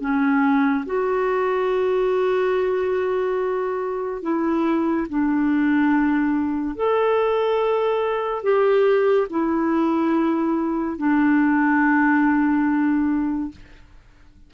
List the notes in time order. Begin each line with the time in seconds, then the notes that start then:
0.00 C#4
0.85 F#4
4.22 E4
5.09 D4
6.75 A4
8.42 G4
9.30 E4
10.97 D4